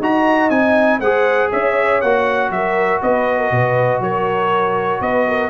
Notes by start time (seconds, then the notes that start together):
0.00 D#4 F#4 D#5 A#5
0.50 C4 D#4 G#5
1.00 G#3 G#4 C5 F#5
1.50 C#4 C#5 E5
2.01 A#3 F#4 F#5
2.50 F#3 A#4 E5
3.02 B3 B4 D#5
3.39 A#4
3.51 B2 B4
4.00 F#3 A#4 C#5
5.01 B3 B4 D#5
5.28 A#4